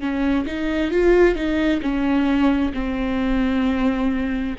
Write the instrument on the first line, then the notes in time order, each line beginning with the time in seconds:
viola
0.00 C#4
0.46 D#4
0.91 F4
1.35 D#4
1.82 C#4
2.73 C4